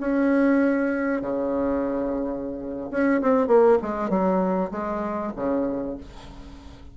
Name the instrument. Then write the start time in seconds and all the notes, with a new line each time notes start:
bassoon
0.00 C#4
1.21 C#3
2.91 C#4
3.22 C4
3.47 A#3
3.82 G#3
4.09 F#3
4.71 G#3
5.36 C#3